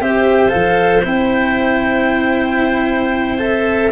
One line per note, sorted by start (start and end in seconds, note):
0.00 0.52 C4
0.00 0.49 G4
0.00 3.91 C5
0.00 0.50 E5
0.49 1.05 F3
0.49 1.01 A4
0.49 1.02 F5
1.04 3.91 C4
1.04 3.38 E4
1.04 3.40 G5
3.38 3.90 A4
3.38 3.91 E5